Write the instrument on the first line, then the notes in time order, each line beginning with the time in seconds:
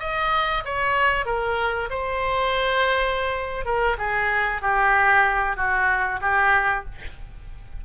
oboe
0.00 D#5
0.65 C#5
1.26 A#4
1.91 C5
3.65 A#4
3.98 G#4
4.62 G4
5.57 F#4
6.21 G4